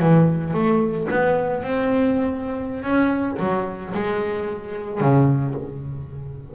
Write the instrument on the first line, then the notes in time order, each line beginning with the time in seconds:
double bass
0.00 E3
0.54 A3
1.11 B3
1.63 C4
2.84 C#4
3.40 F#3
3.94 G#3
5.01 C#3